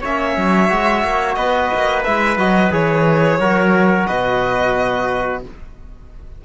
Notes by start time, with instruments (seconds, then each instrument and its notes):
0.00 cello A#3, trombone C#4, trumpet C#5, violin E5
0.37 cello F#3
0.69 cello G#3, trombone F#4
1.04 cello A#3
1.35 cello B3, trumpet B4, violin D#5
1.74 cello A#3
2.04 cello G#3, trombone E4, violin E5
2.37 cello F#3, trombone F#4, violin D#5
2.71 cello E3, trombone G#4, violin C#5
3.38 cello F#3, trombone F#4, trumpet A#4
4.06 cello B2, trumpet B4, violin D#5